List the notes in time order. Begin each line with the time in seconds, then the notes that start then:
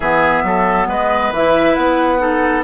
0.00 E3 B3 G#4 E5
0.43 F#3 A4
0.87 G#3 B4 D#5
1.31 E3 E4 E5
1.74 B3 F#5
2.18 D#4 A4